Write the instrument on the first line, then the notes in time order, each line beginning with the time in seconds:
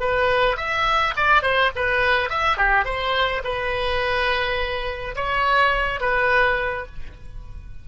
oboe
0.00 B4
0.57 E5
1.16 D5
1.42 C5
1.76 B4
2.30 E5
2.57 G4
2.85 C5
3.44 B4
5.16 C#5
6.01 B4